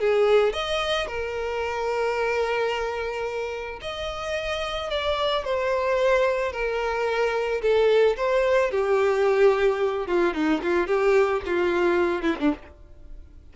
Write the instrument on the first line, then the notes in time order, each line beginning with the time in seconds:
violin
0.00 G#4
0.53 D#5
1.07 A#4
3.82 D#5
4.91 D5
5.45 C5
6.53 A#4
7.62 A4
8.17 C5
8.71 G4
10.07 F4
10.34 D#4
10.63 F4
10.87 G4
11.46 F4
12.23 E4
12.40 D4